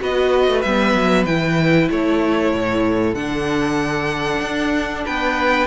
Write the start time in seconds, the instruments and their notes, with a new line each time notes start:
0.00 cello B3, viola F#4, violin B4 D#5
0.48 cello A3
0.62 cello G3, viola B3, violin E5
0.94 cello F#3
1.26 cello E3, viola E4, violin G5
1.91 cello A3, violin A4 C#5
2.53 cello A2
3.15 cello D3, viola D4, violin F#5
4.42 cello D4
5.06 cello B3, violin B4 G5